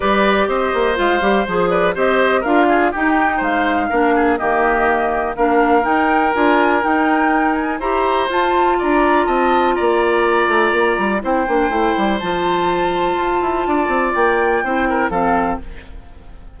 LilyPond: <<
  \new Staff \with { instrumentName = "flute" } { \time 4/4 \tempo 4 = 123 d''4 dis''4 f''4 c''8 d''8 | dis''4 f''4 g''4 f''4~ | f''4 dis''2 f''4 | g''4 gis''4 g''4. gis''8 |
ais''4 a''4 ais''4 a''4 | ais''2. g''4~ | g''4 a''2.~ | a''4 g''2 f''4 | }
  \new Staff \with { instrumentName = "oboe" } { \time 4/4 b'4 c''2~ c''8 b'8 | c''4 ais'8 gis'8 g'4 c''4 | ais'8 gis'8 g'2 ais'4~ | ais'1 |
c''2 d''4 dis''4 | d''2. c''4~ | c''1 | d''2 c''8 ais'8 a'4 | }
  \new Staff \with { instrumentName = "clarinet" } { \time 4/4 g'2 f'8 g'8 gis'4 | g'4 f'4 dis'2 | d'4 ais2 d'4 | dis'4 f'4 dis'2 |
g'4 f'2.~ | f'2. e'8 d'8 | e'4 f'2.~ | f'2 e'4 c'4 | }
  \new Staff \with { instrumentName = "bassoon" } { \time 4/4 g4 c'8 ais8 gis8 g8 f4 | c'4 d'4 dis'4 gis4 | ais4 dis2 ais4 | dis'4 d'4 dis'2 |
e'4 f'4 d'4 c'4 | ais4. a8 ais8 g8 c'8 ais8 | a8 g8 f2 f'8 e'8 | d'8 c'8 ais4 c'4 f4 | }
>>